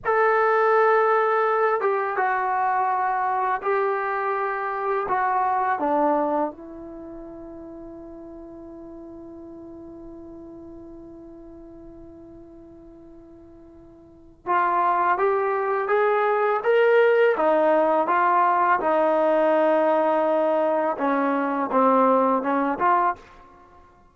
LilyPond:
\new Staff \with { instrumentName = "trombone" } { \time 4/4 \tempo 4 = 83 a'2~ a'8 g'8 fis'4~ | fis'4 g'2 fis'4 | d'4 e'2.~ | e'1~ |
e'1 | f'4 g'4 gis'4 ais'4 | dis'4 f'4 dis'2~ | dis'4 cis'4 c'4 cis'8 f'8 | }